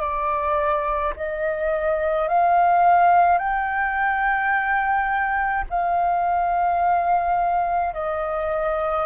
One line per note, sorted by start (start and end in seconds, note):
0.00 1.13 D5
1.16 2.28 D#5
2.28 3.38 F5
3.38 5.64 G5
5.70 7.94 F5
7.94 9.06 D#5